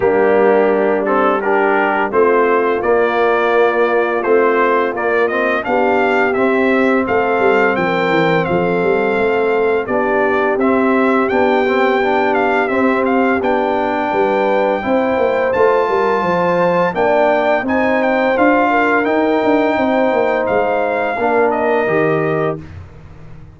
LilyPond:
<<
  \new Staff \with { instrumentName = "trumpet" } { \time 4/4 \tempo 4 = 85 g'4. a'8 ais'4 c''4 | d''2 c''4 d''8 dis''8 | f''4 e''4 f''4 g''4 | f''2 d''4 e''4 |
g''4. f''8 e''8 f''8 g''4~ | g''2 a''2 | g''4 gis''8 g''8 f''4 g''4~ | g''4 f''4. dis''4. | }
  \new Staff \with { instrumentName = "horn" } { \time 4/4 d'2 g'4 f'4~ | f'1 | g'2 a'4 ais'4 | a'2 g'2~ |
g'1 | b'4 c''4. ais'8 c''4 | d''4 c''4. ais'4. | c''2 ais'2 | }
  \new Staff \with { instrumentName = "trombone" } { \time 4/4 ais4. c'8 d'4 c'4 | ais2 c'4 ais8 c'8 | d'4 c'2.~ | c'2 d'4 c'4 |
d'8 c'8 d'4 c'4 d'4~ | d'4 e'4 f'2 | d'4 dis'4 f'4 dis'4~ | dis'2 d'4 g'4 | }
  \new Staff \with { instrumentName = "tuba" } { \time 4/4 g2. a4 | ais2 a4 ais4 | b4 c'4 a8 g8 f8 e8 | f8 g8 a4 b4 c'4 |
b2 c'4 b4 | g4 c'8 ais8 a8 g8 f4 | ais4 c'4 d'4 dis'8 d'8 | c'8 ais8 gis4 ais4 dis4 | }
>>